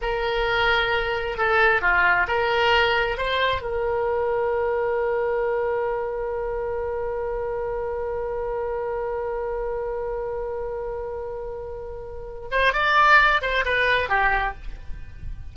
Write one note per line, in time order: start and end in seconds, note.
0.01 1.37 A#4
1.37 1.81 A4
1.81 2.26 F4
2.27 3.17 A#4
3.17 3.61 C5
3.61 12.48 A#4
12.51 12.73 C5
12.73 13.41 D5
13.41 13.64 C5
13.65 14.09 B4
14.09 14.54 G4